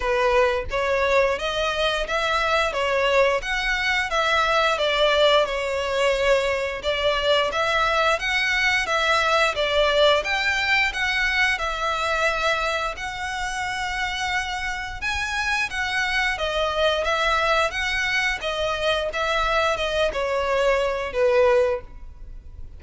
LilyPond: \new Staff \with { instrumentName = "violin" } { \time 4/4 \tempo 4 = 88 b'4 cis''4 dis''4 e''4 | cis''4 fis''4 e''4 d''4 | cis''2 d''4 e''4 | fis''4 e''4 d''4 g''4 |
fis''4 e''2 fis''4~ | fis''2 gis''4 fis''4 | dis''4 e''4 fis''4 dis''4 | e''4 dis''8 cis''4. b'4 | }